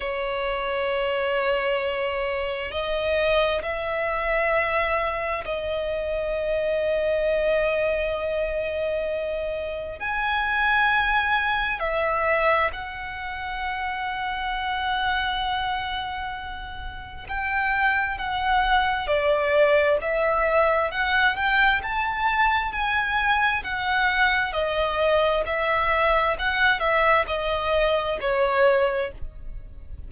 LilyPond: \new Staff \with { instrumentName = "violin" } { \time 4/4 \tempo 4 = 66 cis''2. dis''4 | e''2 dis''2~ | dis''2. gis''4~ | gis''4 e''4 fis''2~ |
fis''2. g''4 | fis''4 d''4 e''4 fis''8 g''8 | a''4 gis''4 fis''4 dis''4 | e''4 fis''8 e''8 dis''4 cis''4 | }